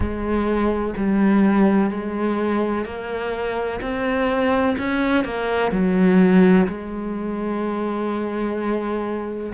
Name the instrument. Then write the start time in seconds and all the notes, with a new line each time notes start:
cello
0.00 G#3
0.97 G3
1.90 G#3
2.85 A#3
3.81 C4
4.77 C#4
5.24 A#3
5.71 F#3
6.67 G#3